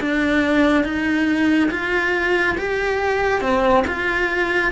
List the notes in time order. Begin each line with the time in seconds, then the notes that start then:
0.00 D4
0.84 D#4
1.71 F4
2.58 G4
3.41 C4
3.87 F4